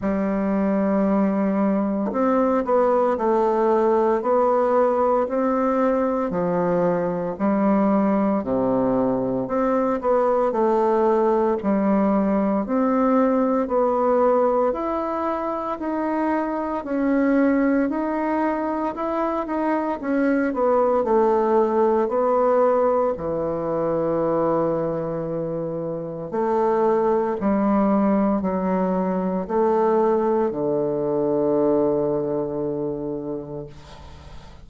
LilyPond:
\new Staff \with { instrumentName = "bassoon" } { \time 4/4 \tempo 4 = 57 g2 c'8 b8 a4 | b4 c'4 f4 g4 | c4 c'8 b8 a4 g4 | c'4 b4 e'4 dis'4 |
cis'4 dis'4 e'8 dis'8 cis'8 b8 | a4 b4 e2~ | e4 a4 g4 fis4 | a4 d2. | }